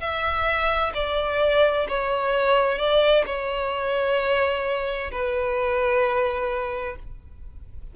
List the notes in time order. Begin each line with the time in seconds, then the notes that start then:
0.00 E5
0.94 D5
1.88 C#5
2.78 D5
3.26 C#5
5.11 B4